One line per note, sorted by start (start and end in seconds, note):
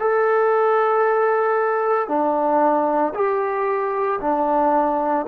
0.00 2.08 A4
2.08 3.13 D4
3.15 4.20 G4
4.21 5.26 D4